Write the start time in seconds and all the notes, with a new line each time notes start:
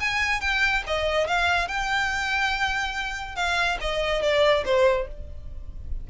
0.00 G#5
0.41 G5
0.87 D#5
1.27 F5
1.68 G5
3.36 F5
3.81 D#5
4.22 D5
4.65 C5